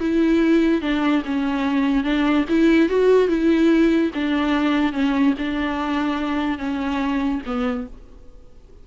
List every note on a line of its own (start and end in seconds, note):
0.00 0.82 E4
0.82 1.23 D4
1.25 2.04 C#4
2.04 2.45 D4
2.49 2.89 E4
2.89 3.29 F#4
3.29 4.11 E4
4.15 4.93 D4
4.93 5.34 C#4
5.38 6.58 D4
6.58 7.41 C#4
7.46 7.87 B3